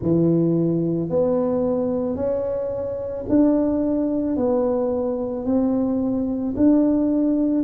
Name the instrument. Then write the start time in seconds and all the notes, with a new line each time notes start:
tuba
0.02 E3
1.09 B3
2.15 C#4
3.28 D4
4.36 B3
5.45 C4
6.56 D4